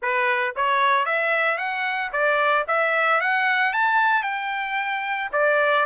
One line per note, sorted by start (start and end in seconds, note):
0.01 0.55 B4
0.56 1.05 C#5
1.05 1.57 E5
1.57 2.10 F#5
2.12 2.65 D5
2.67 3.20 E5
3.20 3.73 F#5
3.73 4.22 A5
4.22 5.29 G5
5.32 5.85 D5